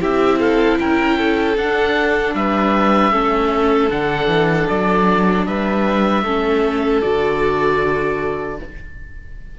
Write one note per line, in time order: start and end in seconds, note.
0.00 0.78 C4
0.00 1.56 E4
0.00 0.39 G4
0.00 0.39 E5
0.39 0.78 A4
0.39 0.78 F5
0.79 1.57 C#4
0.79 1.18 A#4
0.79 1.57 G5
1.18 2.34 A4
1.57 2.34 D4
1.57 3.11 D4
1.57 2.34 F#5
2.34 3.11 G3
2.34 3.13 B4
2.34 3.90 E5
3.11 3.89 A3
3.11 3.89 C#4
3.11 5.46 A4
3.90 4.26 D3
3.90 6.24 D4
3.90 4.68 F#5
4.26 4.65 E3
4.68 5.46 F#3
4.68 5.46 D5
5.46 6.23 G3
5.46 6.24 B4
5.46 7.01 E5
6.23 7.01 A3
6.23 7.02 C#4
6.23 8.58 A4
7.01 8.59 D3
7.01 8.58 F#4
7.01 8.57 D5